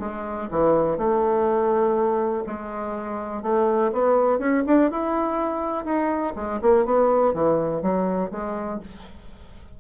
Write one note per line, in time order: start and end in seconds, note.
0.00 0.49 G#3
0.51 0.98 E3
0.98 2.44 A3
2.47 3.43 G#3
3.43 3.91 A3
3.92 4.39 B3
4.39 4.63 C#4
4.67 4.91 D4
4.91 5.85 E4
5.85 6.34 D#4
6.36 6.60 G#3
6.62 6.86 A#3
6.86 7.34 B3
7.34 7.82 E3
7.82 8.31 F#3
8.31 8.80 G#3